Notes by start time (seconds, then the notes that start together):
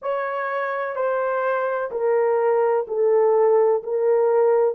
0.02 C#5
0.95 C5
1.90 A#4
2.87 A4
3.83 A#4